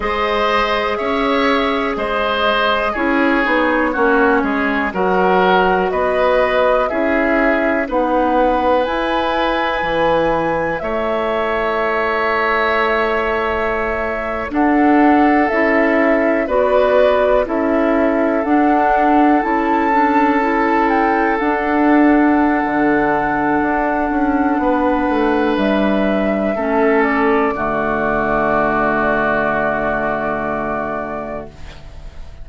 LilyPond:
<<
  \new Staff \with { instrumentName = "flute" } { \time 4/4 \tempo 4 = 61 dis''4 e''4 dis''4 cis''4~ | cis''4 fis''4 dis''4 e''4 | fis''4 gis''2 e''4~ | e''2~ e''8. fis''4 e''16~ |
e''8. d''4 e''4 fis''4 a''16~ | a''4~ a''16 g''8 fis''2~ fis''16~ | fis''2 e''4. d''8~ | d''1 | }
  \new Staff \with { instrumentName = "oboe" } { \time 4/4 c''4 cis''4 c''4 gis'4 | fis'8 gis'8 ais'4 b'4 gis'4 | b'2. cis''4~ | cis''2~ cis''8. a'4~ a'16~ |
a'8. b'4 a'2~ a'16~ | a'1~ | a'4 b'2 a'4 | fis'1 | }
  \new Staff \with { instrumentName = "clarinet" } { \time 4/4 gis'2. e'8 dis'8 | cis'4 fis'2 e'4 | dis'4 e'2.~ | e'2~ e'8. d'4 e'16~ |
e'8. fis'4 e'4 d'4 e'16~ | e'16 d'8 e'4 d'2~ d'16~ | d'2. cis'4 | a1 | }
  \new Staff \with { instrumentName = "bassoon" } { \time 4/4 gis4 cis'4 gis4 cis'8 b8 | ais8 gis8 fis4 b4 cis'4 | b4 e'4 e4 a4~ | a2~ a8. d'4 cis'16~ |
cis'8. b4 cis'4 d'4 cis'16~ | cis'4.~ cis'16 d'4~ d'16 d4 | d'8 cis'8 b8 a8 g4 a4 | d1 | }
>>